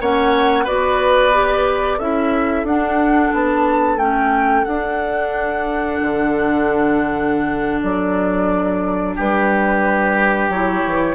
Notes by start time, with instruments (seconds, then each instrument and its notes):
0.00 bassoon A#3, clarinet C#4, oboe C#5, flute F#5
0.64 bassoon B3, clarinet F#4, oboe B4, flute D5
1.32 clarinet G4
1.98 bassoon C#4, clarinet E4, oboe A4, flute E5
2.63 bassoon D4, clarinet D4, flute F#5
3.33 bassoon B3, flute A5
3.97 bassoon A3, clarinet C#4, flute G5
4.64 bassoon D4, clarinet D4, flute F#5
6.01 bassoon D3
7.82 bassoon F#3, flute D5
9.16 bassoon G3, oboe G4, flute B4
10.49 bassoon F#3, clarinet E4, flute C#5
10.86 bassoon E3